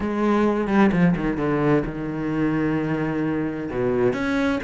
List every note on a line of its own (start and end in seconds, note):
0.00 0.67 G#3
0.67 0.90 G3
0.91 1.15 F3
1.16 1.37 D#3
1.37 1.83 D3
1.85 3.69 D#3
3.70 4.13 B2
4.13 4.59 C#4